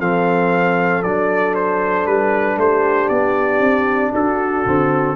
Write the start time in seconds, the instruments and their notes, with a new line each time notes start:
0.00 tuba F3, trombone C4, horn A4, trumpet F5
1.03 tuba F#3, trombone D4, trumpet D5
1.55 trumpet C5
2.06 tuba G3, trumpet B4
2.57 tuba A3, horn G4, trumpet C5
3.09 tuba B3, trumpet D5
3.60 tuba C4
4.13 tuba D4, horn F#4, trumpet A4
4.65 tuba D3, trombone C4